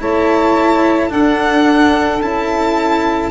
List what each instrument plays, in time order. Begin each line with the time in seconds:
0.00 tuba A3, cello E4, saxophone C#5, violin A5
1.09 cello D4, tuba D4, saxophone A4, violin F#5
2.21 tuba C#4, cello E4, violin A5